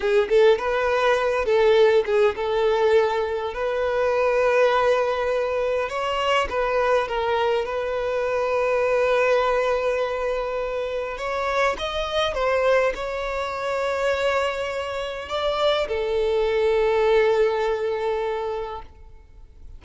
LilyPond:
\new Staff \with { instrumentName = "violin" } { \time 4/4 \tempo 4 = 102 gis'8 a'8 b'4. a'4 gis'8 | a'2 b'2~ | b'2 cis''4 b'4 | ais'4 b'2.~ |
b'2. cis''4 | dis''4 c''4 cis''2~ | cis''2 d''4 a'4~ | a'1 | }